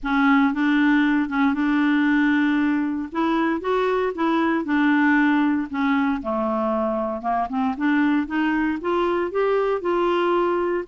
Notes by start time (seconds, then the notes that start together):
0.03 C#4
0.53 D4
1.29 C#4
1.54 D4
3.12 E4
3.61 F#4
4.14 E4
4.64 D4
5.70 C#4
6.22 A3
7.21 A#3
7.49 C4
7.77 D4
8.26 D#4
8.81 F4
9.31 G4
9.81 F4